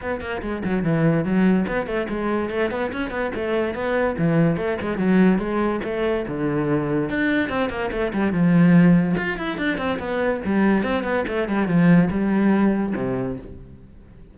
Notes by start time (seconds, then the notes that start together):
0.01 B3
0.20 A#3
0.42 G#3
0.64 F#3
0.83 E3
1.24 F#3
1.67 B3
1.86 A3
2.09 G#3
2.50 A3
2.70 B3
2.92 C#4
3.10 B3
3.34 A3
3.74 B3
4.18 E3
4.56 A3
4.81 G#3
4.97 F#3
5.38 G#3
5.84 A3
6.27 D3
7.09 D4
7.49 C4
7.69 A#3
7.91 A3
8.13 G3
8.32 F3
9.16 F4
9.37 E4
9.57 D4
9.77 C4
9.99 B3
10.45 G3
10.83 C4
11.03 B3
11.27 A3
11.48 G3
11.67 F3
12.10 G3
12.95 C3